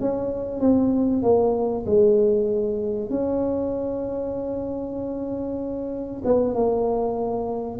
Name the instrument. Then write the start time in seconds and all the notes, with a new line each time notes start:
tuba
0.00 C#4
0.60 C4
1.22 A#3
1.86 G#3
3.10 C#4
6.24 B3
6.54 A#3